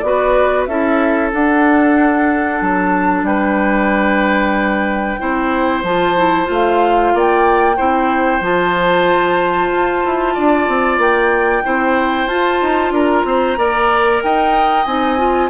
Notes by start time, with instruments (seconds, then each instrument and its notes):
0.00 bassoon B3, clarinet F#4, oboe B4, flute D5
0.66 bassoon C#4, clarinet E4, oboe A4, flute E5
1.33 clarinet D4, bassoon D4, flute F#5
2.62 bassoon F#3, flute A5
3.23 bassoon G3, oboe B4, flute G5
5.20 bassoon C4, clarinet E4, oboe C5
5.83 bassoon F3, clarinet F4, flute A5
6.17 clarinet E4
6.45 bassoon A3, clarinet F4
6.53 flute F5
7.14 bassoon A#3, oboe D5, flute G5
7.77 bassoon C4, clarinet E4, oboe C5
8.41 bassoon F3, clarinet F4, flute A5
9.72 bassoon F4
10.05 bassoon E4
10.35 bassoon D4, oboe D5
10.68 bassoon C4
10.98 bassoon A#3, flute G5
11.64 bassoon C4, clarinet E4, oboe C5
12.27 bassoon F4, clarinet F4, flute A5
12.62 bassoon D#4
12.91 bassoon D4, oboe A#4, flute A#5
13.25 bassoon C4, oboe C5
13.57 bassoon A#3, clarinet A#4, oboe D5
14.23 bassoon D#4, oboe D#5, flute G5
14.86 bassoon C4, clarinet D#4, flute G#5
15.18 clarinet F4